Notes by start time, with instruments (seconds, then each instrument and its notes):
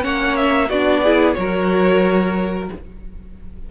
0.00 cello A#3, viola C#4, violin C#5 F#5
0.36 violin E5
0.68 cello B3, viola D4, violin F#4 D5
1.02 viola E4, violin G#4
1.33 cello F#3, viola F#4, violin A#4 C#5